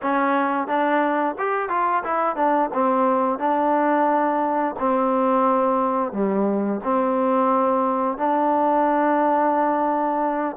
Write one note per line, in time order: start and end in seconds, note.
0.02 0.67 C#4
0.67 1.35 D4
1.38 1.69 G4
1.69 2.03 F4
2.04 2.36 E4
2.36 2.70 D4
2.73 3.38 C4
3.38 4.75 D4
4.79 6.12 C4
6.12 6.80 G3
6.84 8.17 C4
8.17 10.56 D4